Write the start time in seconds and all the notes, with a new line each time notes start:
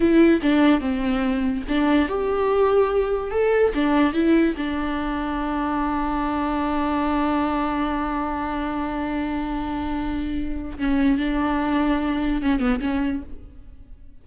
0.00 E4
0.42 D4
0.80 C4
1.68 D4
2.08 G4
3.30 A4
3.74 D4
4.13 E4
4.57 D4
10.78 C#4
11.18 D4
12.42 C#4
12.59 B3
12.81 C#4